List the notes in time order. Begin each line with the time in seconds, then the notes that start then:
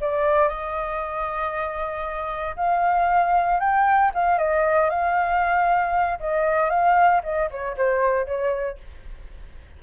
0.00 D5
0.48 D#5
2.56 F5
3.59 G5
4.14 F5
4.38 D#5
4.89 F5
6.20 D#5
6.69 F5
7.23 D#5
7.50 C#5
7.76 C5
8.26 C#5